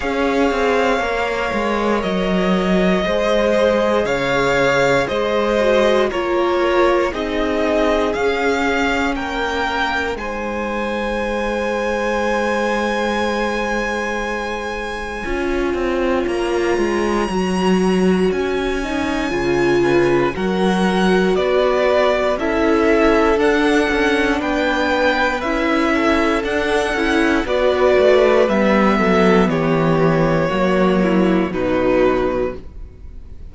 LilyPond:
<<
  \new Staff \with { instrumentName = "violin" } { \time 4/4 \tempo 4 = 59 f''2 dis''2 | f''4 dis''4 cis''4 dis''4 | f''4 g''4 gis''2~ | gis''1 |
ais''2 gis''2 | fis''4 d''4 e''4 fis''4 | g''4 e''4 fis''4 d''4 | e''4 cis''2 b'4 | }
  \new Staff \with { instrumentName = "violin" } { \time 4/4 cis''2. c''4 | cis''4 c''4 ais'4 gis'4~ | gis'4 ais'4 c''2~ | c''2. cis''4~ |
cis''2.~ cis''8 b'8 | ais'4 b'4 a'2 | b'4. a'4. b'4~ | b'8 a'8 g'4 fis'8 e'8 dis'4 | }
  \new Staff \with { instrumentName = "viola" } { \time 4/4 gis'4 ais'2 gis'4~ | gis'4. fis'8 f'4 dis'4 | cis'2 dis'2~ | dis'2. f'4~ |
f'4 fis'4. dis'8 f'4 | fis'2 e'4 d'4~ | d'4 e'4 d'8 e'8 fis'4 | b2 ais4 fis4 | }
  \new Staff \with { instrumentName = "cello" } { \time 4/4 cis'8 c'8 ais8 gis8 fis4 gis4 | cis4 gis4 ais4 c'4 | cis'4 ais4 gis2~ | gis2. cis'8 c'8 |
ais8 gis8 fis4 cis'4 cis4 | fis4 b4 cis'4 d'8 cis'8 | b4 cis'4 d'8 cis'8 b8 a8 | g8 fis8 e4 fis4 b,4 | }
>>